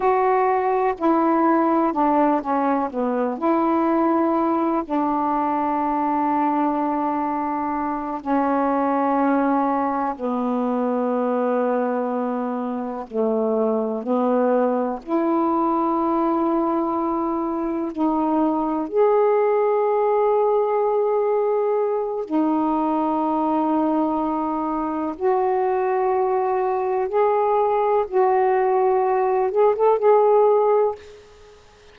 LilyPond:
\new Staff \with { instrumentName = "saxophone" } { \time 4/4 \tempo 4 = 62 fis'4 e'4 d'8 cis'8 b8 e'8~ | e'4 d'2.~ | d'8 cis'2 b4.~ | b4. a4 b4 e'8~ |
e'2~ e'8 dis'4 gis'8~ | gis'2. dis'4~ | dis'2 fis'2 | gis'4 fis'4. gis'16 a'16 gis'4 | }